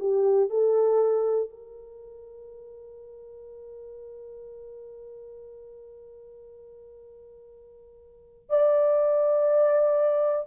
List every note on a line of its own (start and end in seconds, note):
0.00 0.50 G4
0.50 1.50 A4
1.50 8.50 A#4
8.50 10.47 D5